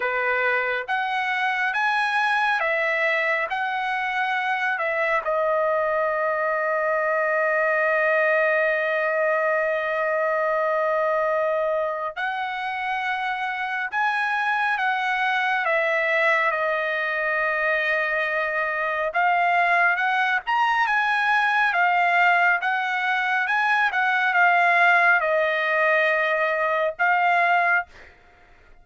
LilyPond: \new Staff \with { instrumentName = "trumpet" } { \time 4/4 \tempo 4 = 69 b'4 fis''4 gis''4 e''4 | fis''4. e''8 dis''2~ | dis''1~ | dis''2 fis''2 |
gis''4 fis''4 e''4 dis''4~ | dis''2 f''4 fis''8 ais''8 | gis''4 f''4 fis''4 gis''8 fis''8 | f''4 dis''2 f''4 | }